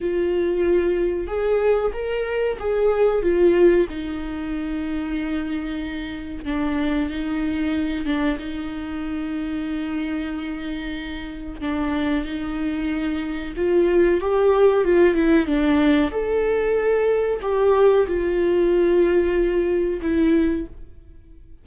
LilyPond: \new Staff \with { instrumentName = "viola" } { \time 4/4 \tempo 4 = 93 f'2 gis'4 ais'4 | gis'4 f'4 dis'2~ | dis'2 d'4 dis'4~ | dis'8 d'8 dis'2.~ |
dis'2 d'4 dis'4~ | dis'4 f'4 g'4 f'8 e'8 | d'4 a'2 g'4 | f'2. e'4 | }